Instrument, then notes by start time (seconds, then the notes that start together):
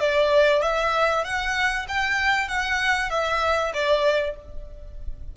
violin
0.00 D5
0.62 E5
1.24 F#5
1.88 G5
2.48 F#5
3.10 E5
3.74 D5